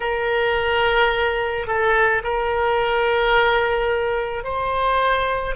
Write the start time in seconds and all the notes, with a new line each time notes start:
0.00 A#4
1.67 A4
2.23 A#4
4.44 C5